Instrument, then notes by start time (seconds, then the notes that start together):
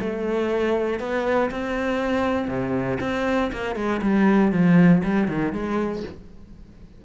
cello
0.00 A3
1.00 B3
1.51 C4
2.48 C3
3.01 C4
3.52 A#3
3.76 G#3
4.02 G3
4.52 F3
5.04 G3
5.28 D#3
5.53 G#3